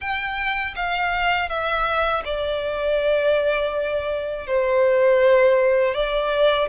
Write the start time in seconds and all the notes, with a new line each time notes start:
0.00 G5
0.75 F5
1.48 E5
2.25 D5
4.46 C5
5.94 D5